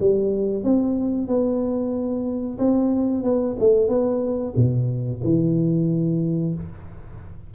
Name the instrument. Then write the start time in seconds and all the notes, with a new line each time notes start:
tuba
0.00 G3
0.64 C4
1.28 B3
2.58 C4
3.24 B3
3.60 A3
3.88 B3
4.56 B2
5.24 E3